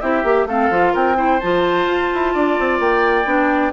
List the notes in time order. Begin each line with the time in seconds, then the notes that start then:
0.00 C4 E4 G4 E5
0.23 A#3 G4
0.45 A3 C4 A4 F5
0.70 F3 F4
0.93 C4 A#4 G5
1.15 E4 C5
1.39 F3 F4 A5
1.86 F4
2.14 E4
2.33 D4 D5
2.59 C4
2.79 A#3 G5
3.25 B3 D4